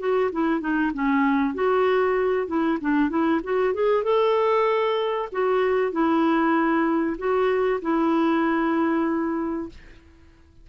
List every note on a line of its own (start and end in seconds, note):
0.00 0.31 F#4
0.32 0.61 E4
0.61 0.92 D#4
0.94 1.55 C#4
1.55 2.48 F#4
2.48 2.79 E4
2.81 3.10 D4
3.10 3.41 E4
3.44 3.74 F#4
3.74 4.04 G#4
4.04 5.29 A4
5.32 5.92 F#4
5.92 7.17 E4
7.18 7.81 F#4
7.82 9.69 E4